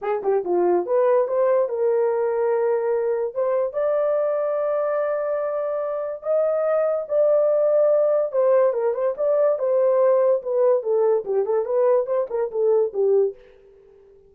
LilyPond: \new Staff \with { instrumentName = "horn" } { \time 4/4 \tempo 4 = 144 gis'8 g'8 f'4 b'4 c''4 | ais'1 | c''4 d''2.~ | d''2. dis''4~ |
dis''4 d''2. | c''4 ais'8 c''8 d''4 c''4~ | c''4 b'4 a'4 g'8 a'8 | b'4 c''8 ais'8 a'4 g'4 | }